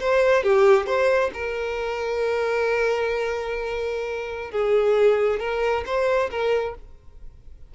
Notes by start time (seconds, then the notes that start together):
0.00 C5
0.43 G4
0.86 C5
1.34 A#4
4.51 G#4
5.40 A#4
5.86 C5
6.31 A#4